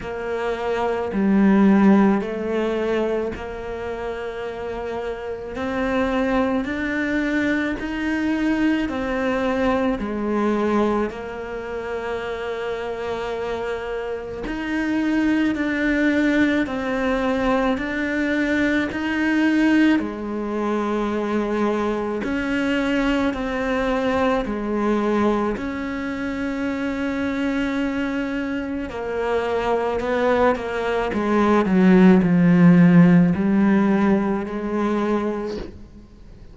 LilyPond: \new Staff \with { instrumentName = "cello" } { \time 4/4 \tempo 4 = 54 ais4 g4 a4 ais4~ | ais4 c'4 d'4 dis'4 | c'4 gis4 ais2~ | ais4 dis'4 d'4 c'4 |
d'4 dis'4 gis2 | cis'4 c'4 gis4 cis'4~ | cis'2 ais4 b8 ais8 | gis8 fis8 f4 g4 gis4 | }